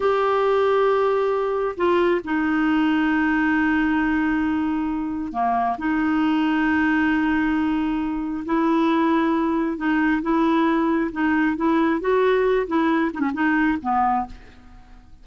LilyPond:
\new Staff \with { instrumentName = "clarinet" } { \time 4/4 \tempo 4 = 135 g'1 | f'4 dis'2.~ | dis'1 | ais4 dis'2.~ |
dis'2. e'4~ | e'2 dis'4 e'4~ | e'4 dis'4 e'4 fis'4~ | fis'8 e'4 dis'16 cis'16 dis'4 b4 | }